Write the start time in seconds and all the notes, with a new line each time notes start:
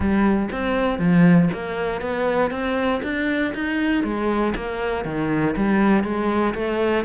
0.00 G3
0.51 C4
0.98 F3
1.53 A#3
2.01 B3
2.50 C4
3.03 D4
3.54 D#4
4.03 G#3
4.55 A#3
5.04 D#3
5.56 G3
6.03 G#3
6.54 A3